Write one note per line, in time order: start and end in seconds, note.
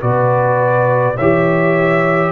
0.00 1.17 B2
0.00 1.15 F#4
0.00 1.16 B4
0.00 1.17 D5
1.16 2.32 E3
1.16 2.32 G4
1.16 2.31 C#5
1.16 2.32 E5